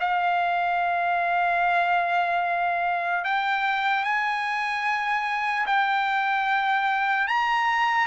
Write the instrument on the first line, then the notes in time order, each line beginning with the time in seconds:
trumpet
0.00 F5
3.24 G5
4.04 G#5
5.66 G5
7.28 A#5